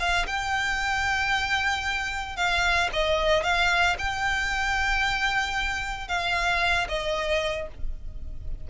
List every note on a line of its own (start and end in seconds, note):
0.00 0.27 F5
0.27 2.37 G5
2.37 2.90 F5
2.93 3.44 D#5
3.44 3.97 F5
3.99 6.08 G5
6.08 6.88 F5
6.89 7.68 D#5